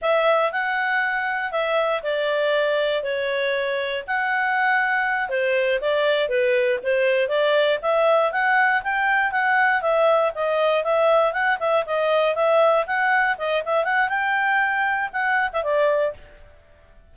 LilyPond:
\new Staff \with { instrumentName = "clarinet" } { \time 4/4 \tempo 4 = 119 e''4 fis''2 e''4 | d''2 cis''2 | fis''2~ fis''8 c''4 d''8~ | d''8 b'4 c''4 d''4 e''8~ |
e''8 fis''4 g''4 fis''4 e''8~ | e''8 dis''4 e''4 fis''8 e''8 dis''8~ | dis''8 e''4 fis''4 dis''8 e''8 fis''8 | g''2 fis''8. e''16 d''4 | }